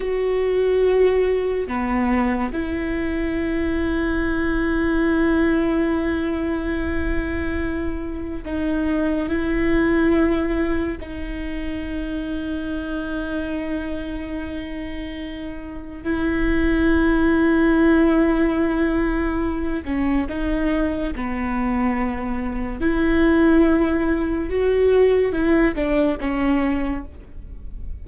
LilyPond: \new Staff \with { instrumentName = "viola" } { \time 4/4 \tempo 4 = 71 fis'2 b4 e'4~ | e'1~ | e'2 dis'4 e'4~ | e'4 dis'2.~ |
dis'2. e'4~ | e'2.~ e'8 cis'8 | dis'4 b2 e'4~ | e'4 fis'4 e'8 d'8 cis'4 | }